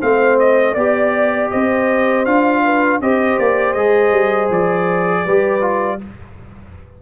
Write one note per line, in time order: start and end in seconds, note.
0.00 0.76 A3
0.00 0.76 C4
0.00 0.74 C5
0.00 0.39 F5
0.39 0.75 D#5
0.74 1.51 B3
0.74 2.26 G4
0.74 1.49 D5
0.74 1.50 D5
1.50 2.26 C4
1.50 2.63 C5
1.50 2.25 D#5
2.25 3.01 D4
2.25 3.01 F4
2.25 3.00 F5
2.64 3.01 B4
3.01 3.38 C4
3.01 3.77 G4
3.01 5.25 C5
3.01 3.39 D#5
3.39 3.75 A#3
3.39 3.74 D5
3.74 4.12 G#3
3.74 5.27 G#4
3.74 4.49 D#5
4.12 4.49 G3
4.50 5.25 F3
4.50 6.02 D5
5.25 6.01 G3
5.25 5.61 G4
5.25 6.00 B4
5.61 5.99 F4